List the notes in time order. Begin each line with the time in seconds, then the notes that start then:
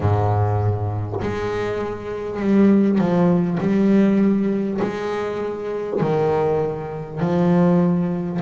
0.00 G#2
1.22 G#3
2.39 G3
2.98 F3
3.59 G3
4.81 G#3
6.00 D#3
7.20 F3